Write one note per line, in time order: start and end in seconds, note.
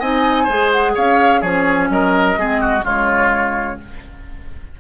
0.00 0.48 C4
0.00 0.49 D#4
0.00 0.44 D#5
0.00 0.72 G#5
0.44 0.96 G#3
0.44 1.43 G#4
0.44 0.91 C5
0.72 0.96 F#5
0.95 1.42 C#4
0.95 1.41 C#5
0.95 1.42 F5
1.41 1.89 F3
1.41 2.37 C#4
1.41 1.88 G#4
1.41 1.89 C#5
1.89 2.37 F#3
1.89 2.40 A#4
1.89 2.85 D#5
2.37 2.83 G#3
2.37 2.81 C4
2.37 2.61 G#4
2.61 2.85 F#4
2.81 3.78 C#3
2.81 3.75 G#3
2.81 3.79 F4
2.81 3.80 C#5